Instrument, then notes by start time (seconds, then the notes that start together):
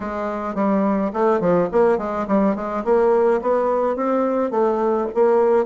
bassoon
0.00 G#3
0.55 G3
1.13 A3
1.40 F3
1.71 A#3
1.98 G#3
2.27 G3
2.55 G#3
2.84 A#3
3.41 B3
3.95 C4
4.50 A3
5.14 A#3